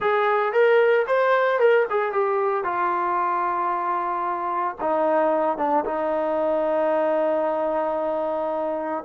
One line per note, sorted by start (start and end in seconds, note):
0.00 0.53 G#4
0.53 1.06 A#4
1.07 1.59 C5
1.59 1.86 A#4
1.90 2.12 G#4
2.12 2.64 G4
2.64 4.76 F4
4.81 5.57 D#4
5.57 5.84 D4
5.85 9.04 D#4